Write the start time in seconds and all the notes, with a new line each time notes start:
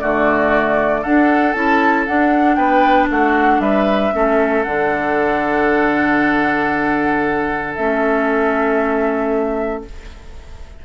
0.00 D3 A3 F#4 D5
1.01 D4 A4 F#5
1.53 C#4 E4 A5
2.07 D4 F#5
2.55 B3 B4 G5
3.10 A3 F#4 F#5
3.59 G3 B4 E5
4.13 A3 C#4 A4
4.63 D3 D4 F#5
7.75 A3 C#4 E5